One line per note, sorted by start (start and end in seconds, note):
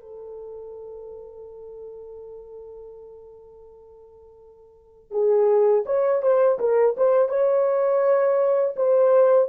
0.00 5.11 A4
5.11 5.84 G#4
5.85 6.22 C#5
6.22 6.58 C5
6.59 6.95 A#4
6.97 7.28 C5
7.28 8.75 C#5
8.76 9.48 C5